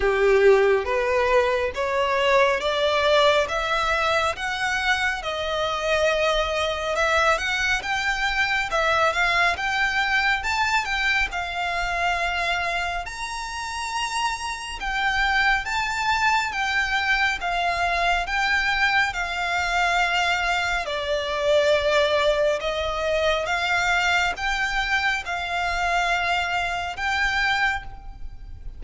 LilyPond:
\new Staff \with { instrumentName = "violin" } { \time 4/4 \tempo 4 = 69 g'4 b'4 cis''4 d''4 | e''4 fis''4 dis''2 | e''8 fis''8 g''4 e''8 f''8 g''4 | a''8 g''8 f''2 ais''4~ |
ais''4 g''4 a''4 g''4 | f''4 g''4 f''2 | d''2 dis''4 f''4 | g''4 f''2 g''4 | }